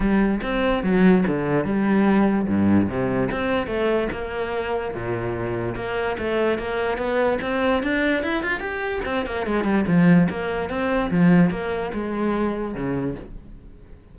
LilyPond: \new Staff \with { instrumentName = "cello" } { \time 4/4 \tempo 4 = 146 g4 c'4 fis4 d4 | g2 g,4 c4 | c'4 a4 ais2 | ais,2 ais4 a4 |
ais4 b4 c'4 d'4 | e'8 f'8 g'4 c'8 ais8 gis8 g8 | f4 ais4 c'4 f4 | ais4 gis2 cis4 | }